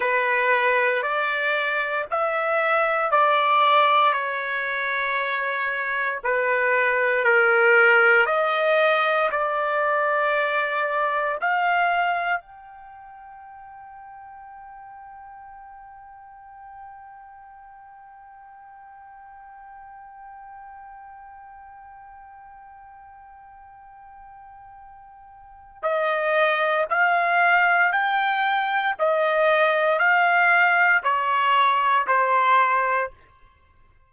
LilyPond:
\new Staff \with { instrumentName = "trumpet" } { \time 4/4 \tempo 4 = 58 b'4 d''4 e''4 d''4 | cis''2 b'4 ais'4 | dis''4 d''2 f''4 | g''1~ |
g''1~ | g''1~ | g''4 dis''4 f''4 g''4 | dis''4 f''4 cis''4 c''4 | }